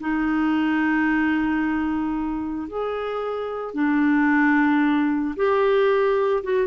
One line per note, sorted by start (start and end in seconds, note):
0.00 2.67 D#4
2.67 3.74 G#4
3.74 5.34 D4
5.36 6.43 G4
6.43 6.67 F#4